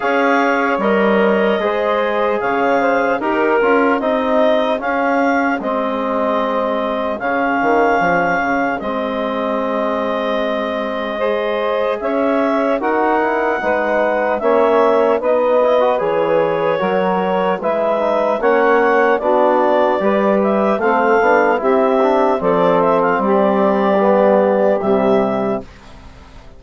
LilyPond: <<
  \new Staff \with { instrumentName = "clarinet" } { \time 4/4 \tempo 4 = 75 f''4 dis''2 f''4 | ais'4 dis''4 f''4 dis''4~ | dis''4 f''2 dis''4~ | dis''2. e''4 |
fis''2 e''4 dis''4 | cis''2 e''4 fis''4 | d''4. e''8 f''4 e''4 | d''8 e''16 f''16 d''2 e''4 | }
  \new Staff \with { instrumentName = "saxophone" } { \time 4/4 cis''2 c''4 cis''8 c''8 | ais'4 gis'2.~ | gis'1~ | gis'2 c''4 cis''4 |
ais'4 b'4 cis''4 b'4~ | b'4 ais'4 b'4 cis''4 | fis'4 b'4 a'4 g'4 | a'4 g'2. | }
  \new Staff \with { instrumentName = "trombone" } { \time 4/4 gis'4 ais'4 gis'2 | g'8 f'8 dis'4 cis'4 c'4~ | c'4 cis'2 c'4~ | c'2 gis'2 |
fis'8 e'8 dis'4 cis'4 dis'8 e'16 fis'16 | gis'4 fis'4 e'8 dis'8 cis'4 | d'4 g'4 c'8 d'8 e'8 d'8 | c'2 b4 g4 | }
  \new Staff \with { instrumentName = "bassoon" } { \time 4/4 cis'4 g4 gis4 cis4 | dis'8 cis'8 c'4 cis'4 gis4~ | gis4 cis8 dis8 f8 cis8 gis4~ | gis2. cis'4 |
dis'4 gis4 ais4 b4 | e4 fis4 gis4 ais4 | b4 g4 a8 b8 c'4 | f4 g2 c4 | }
>>